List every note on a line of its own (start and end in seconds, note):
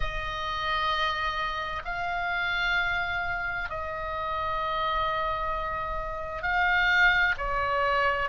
0.00 1.82 D#5
1.85 3.69 F5
3.69 6.42 D#5
6.42 7.34 F5
7.37 8.29 C#5